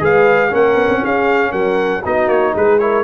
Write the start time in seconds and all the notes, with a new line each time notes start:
0.00 G#3 G#4 B4 F5
0.50 A#3 C#4 A#4 F#5
0.75 B3
0.89 C4
1.02 C#4 G#4 F5
1.50 F#3 A#4 F#5
2.03 B3 D#4 F#4 D#5
2.27 A#3 C#5
2.55 G#3 G#4 B4
2.79 E4 A#4 C#5